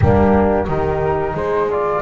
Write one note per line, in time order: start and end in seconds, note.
0.00 0.67 G3
0.00 0.67 A#3
0.00 0.66 D4
0.00 0.66 G4
0.66 1.34 D#3
0.66 1.68 D#4
0.66 1.34 G4
0.66 1.36 A#4
1.34 2.01 G#3
1.34 2.01 G#4
1.34 1.70 C5
1.70 2.01 F4
1.70 2.01 D5